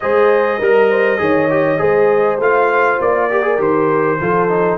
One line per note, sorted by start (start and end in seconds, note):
0.00 0.60 G#3
0.00 0.61 G#4
0.00 0.58 C5
0.00 2.40 D#5
0.58 1.19 G3
0.58 0.88 A#4
0.58 1.18 A#4
0.90 1.20 C5
1.18 1.79 D#3
1.18 1.48 G#4
1.18 1.80 C#5
1.50 1.78 G4
1.78 2.39 G#3
1.78 2.38 G#4
1.78 3.30 C5
2.39 2.98 A3
2.39 3.30 F4
2.39 3.01 F5
3.00 3.58 A#3
3.00 3.61 D5
3.30 3.42 G4
3.30 4.20 A#4
3.42 3.57 G#4
3.57 4.18 D#3
3.57 4.17 G4
3.57 4.78 C5
4.20 4.78 F3
4.20 4.49 F4
4.20 4.78 A4
4.49 4.78 D#4